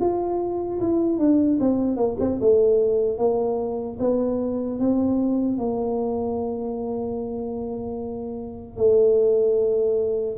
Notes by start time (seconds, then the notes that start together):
0.00 F4
0.81 E4
1.19 D4
1.60 C4
1.97 A#3
2.20 C4
2.40 A3
3.18 A#3
3.99 B3
4.79 C4
5.58 A#3
8.77 A3